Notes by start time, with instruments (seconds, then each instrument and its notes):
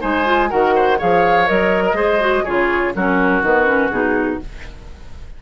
0.00 bassoon G#3, clarinet D#4, oboe C5, flute G#5
0.25 clarinet F4
0.49 bassoon D#3, clarinet F#4, oboe A#4, flute F#5
0.75 oboe C5
0.98 bassoon F3, clarinet G#4, oboe C#5, flute F5
1.46 bassoon F#3, clarinet A#4, flute D#5
1.85 oboe A#4
1.93 bassoon G#3, clarinet G#4, oboe C5
2.20 clarinet F#4
2.43 bassoon C#3, clarinet F4, oboe G#4, flute C#5
2.95 bassoon F#3, clarinet C#4, oboe F#4, flute A#4
3.41 bassoon D#3, clarinet B3, flute B4
3.66 clarinet C#4
3.90 bassoon B2, clarinet D#4, flute G#4